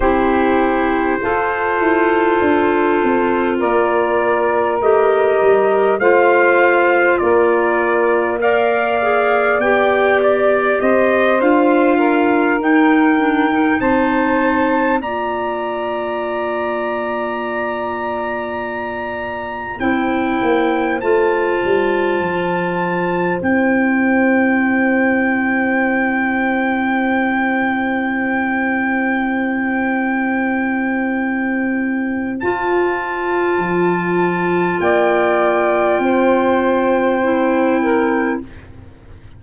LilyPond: <<
  \new Staff \with { instrumentName = "trumpet" } { \time 4/4 \tempo 4 = 50 c''2. d''4 | dis''4 f''4 d''4 f''4 | g''8 d''8 dis''8 f''4 g''4 a''8~ | a''8 ais''2.~ ais''8~ |
ais''8 g''4 a''2 g''8~ | g''1~ | g''2. a''4~ | a''4 g''2. | }
  \new Staff \with { instrumentName = "saxophone" } { \time 4/4 g'4 a'2 ais'4~ | ais'4 c''4 ais'4 d''4~ | d''4 c''4 ais'4. c''8~ | c''8 d''2.~ d''8~ |
d''8 c''2.~ c''8~ | c''1~ | c''1~ | c''4 d''4 c''4. ais'8 | }
  \new Staff \with { instrumentName = "clarinet" } { \time 4/4 e'4 f'2. | g'4 f'2 ais'8 gis'8 | g'4. f'4 dis'8 d'16 dis'8.~ | dis'8 f'2.~ f'8~ |
f'8 e'4 f'2 e'8~ | e'1~ | e'2. f'4~ | f'2. e'4 | }
  \new Staff \with { instrumentName = "tuba" } { \time 4/4 c'4 f'8 e'8 d'8 c'8 ais4 | a8 g8 a4 ais2 | b4 c'8 d'4 dis'4 c'8~ | c'8 ais2.~ ais8~ |
ais8 c'8 ais8 a8 g8 f4 c'8~ | c'1~ | c'2. f'4 | f4 ais4 c'2 | }
>>